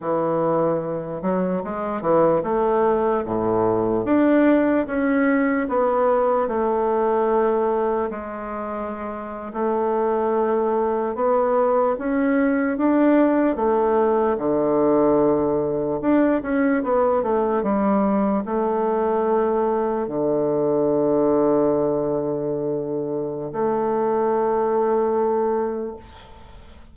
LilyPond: \new Staff \with { instrumentName = "bassoon" } { \time 4/4 \tempo 4 = 74 e4. fis8 gis8 e8 a4 | a,4 d'4 cis'4 b4 | a2 gis4.~ gis16 a16~ | a4.~ a16 b4 cis'4 d'16~ |
d'8. a4 d2 d'16~ | d'16 cis'8 b8 a8 g4 a4~ a16~ | a8. d2.~ d16~ | d4 a2. | }